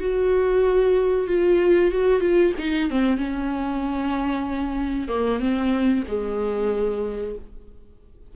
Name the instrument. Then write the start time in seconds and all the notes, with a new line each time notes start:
viola
0.00 F#4
1.28 F4
1.91 F#4
2.21 F4
2.59 D#4
2.90 C4
3.18 C#4
5.08 A#3
5.40 C4
6.08 G#3